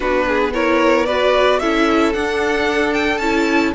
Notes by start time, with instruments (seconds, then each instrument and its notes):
0.00 cello B3, viola D4, violin F#4 B4
0.28 violin G#4
0.53 viola E4, violin A#4 C#5
1.05 viola F#4, violin B4 D5
1.59 cello C#4, viola E4, violin A4 E5
2.13 viola D4, cello D4, violin F#5
2.93 violin G5
3.18 cello C#4, viola E4, violin A5